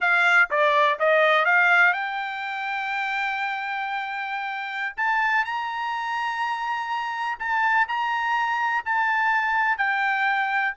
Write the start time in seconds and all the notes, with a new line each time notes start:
0.00 F5
0.50 D5
0.99 D#5
1.45 F5
1.93 G5
4.96 A5
5.44 A#5
7.39 A5
7.88 A#5
8.85 A5
9.77 G5